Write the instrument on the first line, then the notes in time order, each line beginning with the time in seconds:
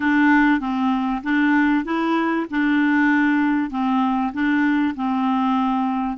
clarinet
0.00 D4
0.60 C4
1.23 D4
1.84 E4
2.50 D4
3.70 C4
4.33 D4
4.95 C4